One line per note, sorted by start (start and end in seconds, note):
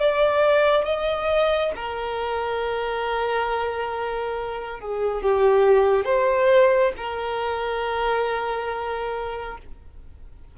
0.00 0.85 D5
0.85 1.72 D#5
1.76 4.80 A#4
4.80 5.22 G#4
5.22 6.05 G4
6.05 6.92 C5
6.97 9.58 A#4